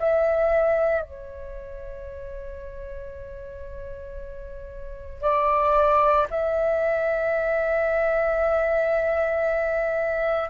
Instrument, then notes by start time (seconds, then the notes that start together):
flute
0.00 E5
1.02 C#5
5.22 D5
6.31 E5